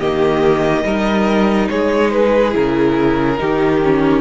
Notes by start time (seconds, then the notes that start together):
0.00 D#3 A#3 G4 D#5
0.85 G3 D#4 A#4
1.70 G#3 G#4 C#5
2.12 B4
2.52 C#3 E4 A#4
3.38 D#3 D#4 G4
3.83 C#4